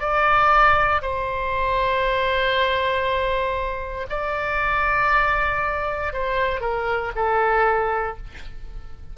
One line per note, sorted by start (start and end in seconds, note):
0.00 1.02 D5
1.02 4.07 C5
4.10 6.13 D5
6.13 6.61 C5
6.61 7.12 A#4
7.16 8.17 A4